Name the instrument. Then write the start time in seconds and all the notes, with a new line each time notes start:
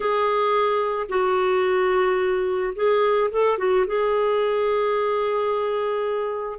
clarinet
0.00 G#4
1.08 F#4
2.75 G#4
3.31 A4
3.58 F#4
3.86 G#4